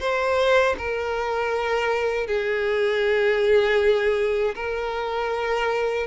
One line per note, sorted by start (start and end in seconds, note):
0.00 0.76 C5
0.78 2.27 A#4
2.27 4.55 G#4
4.55 6.07 A#4